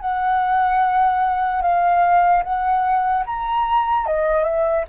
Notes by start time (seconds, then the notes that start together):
0.00 F#5
1.62 F5
2.43 F#5
3.27 A#5
4.06 D#5
4.44 E5